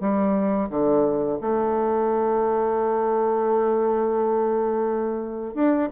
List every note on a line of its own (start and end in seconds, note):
0.00 0.69 G3
0.70 1.39 D3
1.40 5.54 A3
5.54 5.89 D4